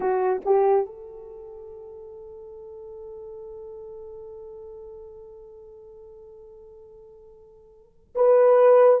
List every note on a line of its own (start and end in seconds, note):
0.00 0.41 F#4
0.45 0.86 G4
0.86 8.14 A4
8.15 9.00 B4